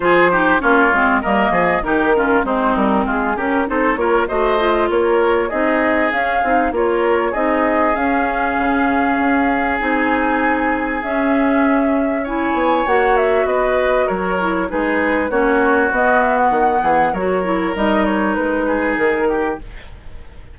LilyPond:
<<
  \new Staff \with { instrumentName = "flute" } { \time 4/4 \tempo 4 = 98 c''4 cis''4 dis''4 ais'4 | c''8 ais'8 gis'8 ais'8 c''8 cis''8 dis''4 | cis''4 dis''4 f''4 cis''4 | dis''4 f''2. |
gis''2 e''2 | gis''4 fis''8 e''8 dis''4 cis''4 | b'4 cis''4 dis''8 e''16 fis''4~ fis''16 | cis''4 dis''8 cis''8 b'4 ais'4 | }
  \new Staff \with { instrumentName = "oboe" } { \time 4/4 gis'8 g'8 f'4 ais'8 gis'8 g'8 f'8 | dis'4 f'8 g'8 a'8 ais'8 c''4 | ais'4 gis'2 ais'4 | gis'1~ |
gis'1 | cis''2 b'4 ais'4 | gis'4 fis'2~ fis'8 gis'8 | ais'2~ ais'8 gis'4 g'8 | }
  \new Staff \with { instrumentName = "clarinet" } { \time 4/4 f'8 dis'8 cis'8 c'8 ais4 dis'8 cis'8 | c'4. cis'8 dis'8 f'8 fis'8 f'8~ | f'4 dis'4 cis'8 dis'8 f'4 | dis'4 cis'2. |
dis'2 cis'2 | e'4 fis'2~ fis'8 e'8 | dis'4 cis'4 b2 | fis'8 e'8 dis'2. | }
  \new Staff \with { instrumentName = "bassoon" } { \time 4/4 f4 ais8 gis8 g8 f8 dis4 | gis8 g8 gis8 cis'8 c'8 ais8 a4 | ais4 c'4 cis'8 c'8 ais4 | c'4 cis'4 cis4 cis'4 |
c'2 cis'2~ | cis'8 b8 ais4 b4 fis4 | gis4 ais4 b4 dis8 e8 | fis4 g4 gis4 dis4 | }
>>